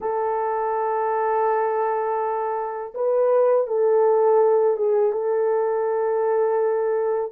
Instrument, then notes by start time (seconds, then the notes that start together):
horn
0.00 A4
2.94 B4
3.67 A4
4.76 G#4
5.12 A4